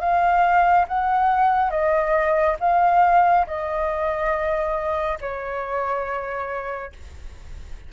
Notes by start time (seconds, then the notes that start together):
0.00 F5
0.88 F#5
1.70 D#5
2.60 F5
3.47 D#5
5.21 C#5